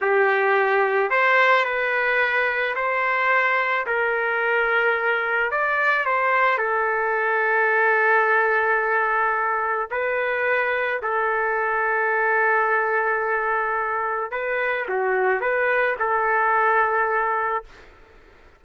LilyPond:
\new Staff \with { instrumentName = "trumpet" } { \time 4/4 \tempo 4 = 109 g'2 c''4 b'4~ | b'4 c''2 ais'4~ | ais'2 d''4 c''4 | a'1~ |
a'2 b'2 | a'1~ | a'2 b'4 fis'4 | b'4 a'2. | }